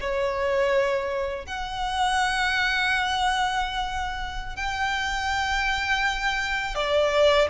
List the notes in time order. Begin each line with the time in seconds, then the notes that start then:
0.00 C#5
1.46 F#5
4.56 G5
6.75 D5